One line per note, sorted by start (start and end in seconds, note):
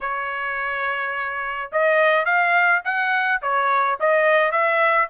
0.01 1.70 C#5
1.72 2.25 D#5
2.25 2.81 F5
2.84 3.41 F#5
3.42 3.98 C#5
4.00 4.51 D#5
4.51 5.08 E5